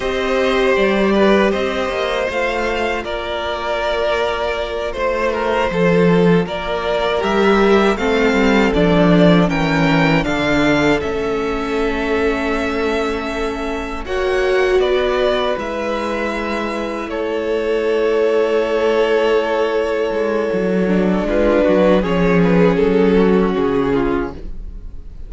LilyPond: <<
  \new Staff \with { instrumentName = "violin" } { \time 4/4 \tempo 4 = 79 dis''4 d''4 dis''4 f''4 | d''2~ d''8 c''4.~ | c''8 d''4 e''4 f''4 d''8~ | d''8 g''4 f''4 e''4.~ |
e''2~ e''8 fis''4 d''8~ | d''8 e''2 cis''4.~ | cis''1 | b'4 cis''8 b'8 a'4 gis'4 | }
  \new Staff \with { instrumentName = "violin" } { \time 4/4 c''4. b'8 c''2 | ais'2~ ais'8 c''8 ais'8 a'8~ | a'8 ais'2 a'4.~ | a'8 ais'4 a'2~ a'8~ |
a'2~ a'8 cis''4 b'8~ | b'2~ b'8 a'4.~ | a'1 | f'8 fis'8 gis'4. fis'4 f'8 | }
  \new Staff \with { instrumentName = "viola" } { \time 4/4 g'2. f'4~ | f'1~ | f'4. g'4 c'4 d'8~ | d'8 cis'4 d'4 cis'4.~ |
cis'2~ cis'8 fis'4.~ | fis'8 e'2.~ e'8~ | e'2.~ e'8 d'8~ | d'4 cis'2. | }
  \new Staff \with { instrumentName = "cello" } { \time 4/4 c'4 g4 c'8 ais8 a4 | ais2~ ais8 a4 f8~ | f8 ais4 g4 a8 g8 f8~ | f8 e4 d4 a4.~ |
a2~ a8 ais4 b8~ | b8 gis2 a4.~ | a2~ a8 gis8 fis4 | gis8 fis8 f4 fis4 cis4 | }
>>